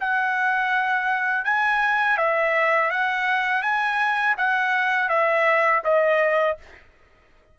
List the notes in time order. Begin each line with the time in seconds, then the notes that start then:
0.00 F#5
1.44 G#5
2.17 E5
2.90 F#5
3.62 G#5
4.37 F#5
5.09 E5
5.84 D#5